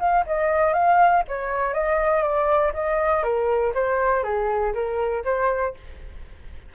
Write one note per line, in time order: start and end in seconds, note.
0.00 0.25 F5
0.27 0.74 D#5
0.74 1.24 F5
1.28 1.74 C#5
1.74 2.23 D#5
2.23 2.73 D5
2.74 3.24 D#5
3.24 3.74 A#4
3.75 4.23 C5
4.23 4.73 G#4
4.74 5.24 A#4
5.25 5.75 C5